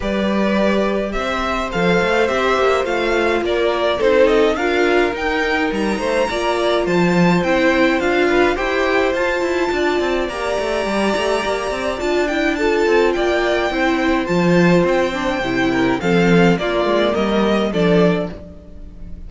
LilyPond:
<<
  \new Staff \with { instrumentName = "violin" } { \time 4/4 \tempo 4 = 105 d''2 e''4 f''4 | e''4 f''4 d''4 c''8 dis''8 | f''4 g''4 ais''2 | a''4 g''4 f''4 g''4 |
a''2 ais''2~ | ais''4 a''8 g''8 a''4 g''4~ | g''4 a''4 g''2 | f''4 d''4 dis''4 d''4 | }
  \new Staff \with { instrumentName = "violin" } { \time 4/4 b'2 c''2~ | c''2 ais'4 a'4 | ais'2~ ais'8 c''8 d''4 | c''2~ c''8 b'8 c''4~ |
c''4 d''2.~ | d''2 a'4 d''4 | c''2.~ c''8 ais'8 | a'4 f'4 ais'4 a'4 | }
  \new Staff \with { instrumentName = "viola" } { \time 4/4 g'2. a'4 | g'4 f'2 dis'4 | f'4 dis'2 f'4~ | f'4 e'4 f'4 g'4 |
f'2 g'2~ | g'4 f'8 e'8 f'2 | e'4 f'4. d'8 e'4 | c'4 ais2 d'4 | }
  \new Staff \with { instrumentName = "cello" } { \time 4/4 g2 c'4 f8 a8 | c'8 ais8 a4 ais4 c'4 | d'4 dis'4 g8 a8 ais4 | f4 c'4 d'4 e'4 |
f'8 e'8 d'8 c'8 ais8 a8 g8 a8 | ais8 c'8 d'4. c'8 ais4 | c'4 f4 c'4 c4 | f4 ais8 gis8 g4 f4 | }
>>